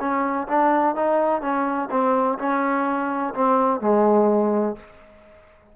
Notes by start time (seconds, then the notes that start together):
0.00 C#4
0.48 D4
0.96 D#4
1.42 C#4
1.91 C4
2.39 C#4
3.34 C4
3.81 G#3